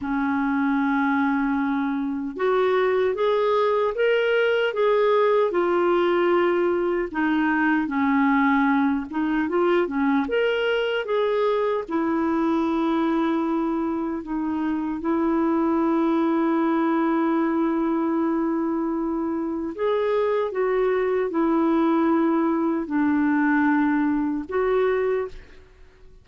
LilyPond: \new Staff \with { instrumentName = "clarinet" } { \time 4/4 \tempo 4 = 76 cis'2. fis'4 | gis'4 ais'4 gis'4 f'4~ | f'4 dis'4 cis'4. dis'8 | f'8 cis'8 ais'4 gis'4 e'4~ |
e'2 dis'4 e'4~ | e'1~ | e'4 gis'4 fis'4 e'4~ | e'4 d'2 fis'4 | }